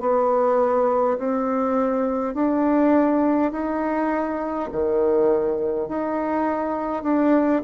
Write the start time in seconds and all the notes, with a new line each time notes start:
0.00 B3
1.18 C4
2.34 D4
3.52 D#4
4.72 D#3
5.88 D#4
7.03 D4